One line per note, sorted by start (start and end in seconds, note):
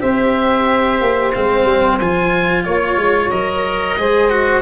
0.00 1.01 C4
0.00 1.32 G4
0.00 2.65 C5
0.00 1.33 E5
1.01 1.34 A#3
1.33 1.64 G#3
1.33 2.01 C4
1.33 1.99 F5
1.64 1.97 G3
2.00 2.66 F3
2.00 3.31 F4
2.00 2.64 G#5
2.64 2.96 A#3
2.64 3.30 C#5
2.64 3.97 C#5
2.96 3.29 G#3
3.30 3.97 F#3
3.30 3.97 A#4
3.30 4.62 D#5
3.97 4.62 G#3
3.97 4.30 G#4
3.97 4.62 C5
4.30 4.62 F#4